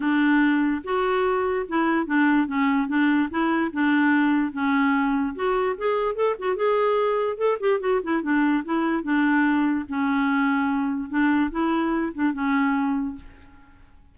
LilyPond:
\new Staff \with { instrumentName = "clarinet" } { \time 4/4 \tempo 4 = 146 d'2 fis'2 | e'4 d'4 cis'4 d'4 | e'4 d'2 cis'4~ | cis'4 fis'4 gis'4 a'8 fis'8 |
gis'2 a'8 g'8 fis'8 e'8 | d'4 e'4 d'2 | cis'2. d'4 | e'4. d'8 cis'2 | }